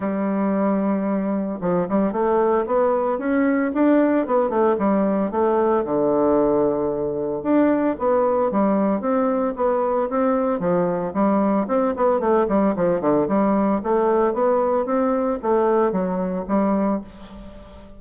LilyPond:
\new Staff \with { instrumentName = "bassoon" } { \time 4/4 \tempo 4 = 113 g2. f8 g8 | a4 b4 cis'4 d'4 | b8 a8 g4 a4 d4~ | d2 d'4 b4 |
g4 c'4 b4 c'4 | f4 g4 c'8 b8 a8 g8 | f8 d8 g4 a4 b4 | c'4 a4 fis4 g4 | }